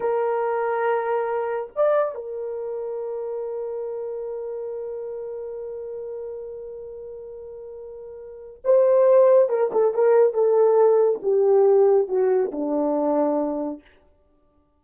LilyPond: \new Staff \with { instrumentName = "horn" } { \time 4/4 \tempo 4 = 139 ais'1 | d''4 ais'2.~ | ais'1~ | ais'1~ |
ais'1 | c''2 ais'8 a'8 ais'4 | a'2 g'2 | fis'4 d'2. | }